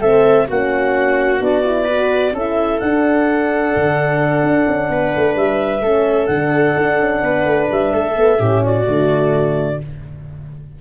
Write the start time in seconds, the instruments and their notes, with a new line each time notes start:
0.00 tuba A3, horn C4, viola A4, clarinet E5
0.47 tuba A#3, horn C#4, viola F#4, clarinet F#5
1.40 tuba B3, horn D4, clarinet D5
1.64 horn E4
1.84 horn F#4, viola B4
2.32 tuba C#4, horn E4, viola A4, clarinet E5
2.79 tuba D4, horn D4, clarinet F#5
3.76 tuba D3
4.43 tuba D4
4.67 tuba C#4
4.89 tuba B3, viola B4
5.16 tuba A3
5.36 tuba G3, clarinet E5
5.81 tuba A3, horn C#4, viola A4
6.26 tuba D3, horn D4, clarinet F#5
6.76 tuba D4
7.00 tuba C#4
7.22 tuba B3, viola B4
7.45 tuba A3
7.70 tuba G3, clarinet E5
7.93 tuba A3, viola A4
8.16 horn B3
8.37 tuba A2, horn C#4, viola G4
8.63 viola F#4, clarinet D5
8.84 tuba D3, horn A3